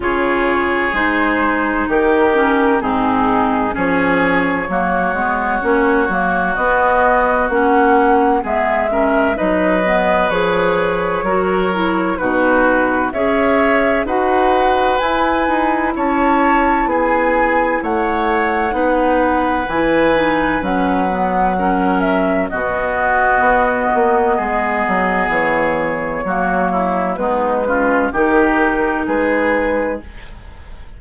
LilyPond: <<
  \new Staff \with { instrumentName = "flute" } { \time 4/4 \tempo 4 = 64 cis''4 c''4 ais'4 gis'4 | cis''2. dis''4 | fis''4 e''4 dis''4 cis''4~ | cis''4 b'4 e''4 fis''4 |
gis''4 a''4 gis''4 fis''4~ | fis''4 gis''4 fis''4. e''8 | dis''2. cis''4~ | cis''4 b'4 ais'4 b'4 | }
  \new Staff \with { instrumentName = "oboe" } { \time 4/4 gis'2 g'4 dis'4 | gis'4 fis'2.~ | fis'4 gis'8 ais'8 b'2 | ais'4 fis'4 cis''4 b'4~ |
b'4 cis''4 gis'4 cis''4 | b'2. ais'4 | fis'2 gis'2 | fis'8 e'8 dis'8 f'8 g'4 gis'4 | }
  \new Staff \with { instrumentName = "clarinet" } { \time 4/4 f'4 dis'4. cis'8 c'4 | cis'4 ais8 b8 cis'8 ais8 b4 | cis'4 b8 cis'8 dis'8 b8 gis'4 | fis'8 e'8 dis'4 gis'4 fis'4 |
e'1 | dis'4 e'8 dis'8 cis'8 b8 cis'4 | b1 | ais4 b8 cis'8 dis'2 | }
  \new Staff \with { instrumentName = "bassoon" } { \time 4/4 cis4 gis4 dis4 gis,4 | f4 fis8 gis8 ais8 fis8 b4 | ais4 gis4 fis4 f4 | fis4 b,4 cis'4 dis'4 |
e'8 dis'8 cis'4 b4 a4 | b4 e4 fis2 | b,4 b8 ais8 gis8 fis8 e4 | fis4 gis4 dis4 gis4 | }
>>